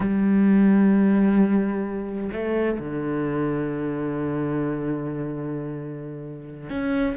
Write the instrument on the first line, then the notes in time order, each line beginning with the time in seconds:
cello
0.00 G3
2.32 A3
2.79 D3
6.69 C#4